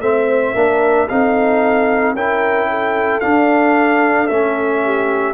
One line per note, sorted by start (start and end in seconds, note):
0.00 0.54 A3
0.00 0.55 C4
0.00 0.54 C5
0.00 1.08 E5
0.54 1.09 A#3
0.54 1.08 D4
0.54 1.08 A#4
1.09 2.13 C4
1.09 2.17 D#4
1.09 2.15 A4
1.09 2.16 F5
2.13 3.21 C#4
2.13 3.22 E4
2.13 2.69 A#4
2.13 3.21 G5
2.71 4.84 A4
3.21 4.29 D4
3.21 4.30 D4
3.21 4.27 F5
4.27 5.34 A3
4.27 5.34 C#4
4.27 5.34 E5
4.84 5.34 G4